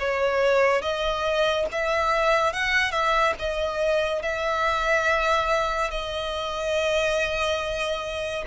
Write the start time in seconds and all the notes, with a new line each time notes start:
0.00 C#5
0.82 D#5
1.72 E5
2.53 F#5
2.92 E5
3.39 D#5
4.23 E5
5.91 D#5